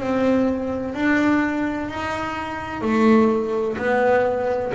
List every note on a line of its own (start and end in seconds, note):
0.00 0.94 C4
0.94 1.89 D4
1.89 2.82 D#4
2.82 3.77 A3
3.77 4.73 B3